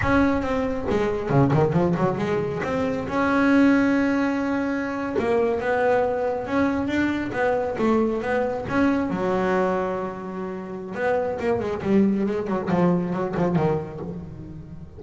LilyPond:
\new Staff \with { instrumentName = "double bass" } { \time 4/4 \tempo 4 = 137 cis'4 c'4 gis4 cis8 dis8 | f8 fis8 gis4 c'4 cis'4~ | cis'2.~ cis'8. ais16~ | ais8. b2 cis'4 d'16~ |
d'8. b4 a4 b4 cis'16~ | cis'8. fis2.~ fis16~ | fis4 b4 ais8 gis8 g4 | gis8 fis8 f4 fis8 f8 dis4 | }